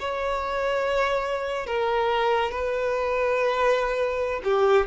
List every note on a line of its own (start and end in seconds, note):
0.00 1.67 C#5
1.67 2.51 A#4
2.51 4.41 B4
4.44 4.87 G4